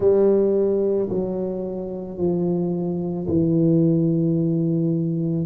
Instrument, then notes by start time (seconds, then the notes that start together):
tuba
0.00 G3
1.09 F#3
2.17 F3
3.27 E3